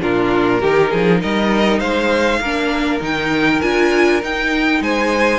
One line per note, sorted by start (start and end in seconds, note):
0.00 0.62 A#2
0.00 0.60 D4
0.00 0.61 F4
0.00 1.22 A#4
0.61 0.92 D#3
0.61 2.42 D#4
0.61 0.90 G4
0.90 1.22 F3
0.90 1.20 G#4
1.21 1.80 G3
1.21 1.79 A#4
1.21 1.80 D#5
1.79 2.40 G#3
1.79 2.39 C5
1.79 3.00 F5
2.40 3.00 A#3
2.40 3.00 D4
2.40 4.81 A#4
3.00 3.61 D#3
3.00 3.60 D#4
3.00 3.61 G5
3.61 4.22 D4
3.61 4.21 F4
3.61 4.21 G#5
4.21 5.39 D#4
4.21 4.80 D#4
4.21 4.83 G5
4.80 5.39 G#3
4.80 5.39 C5
4.80 5.39 G#5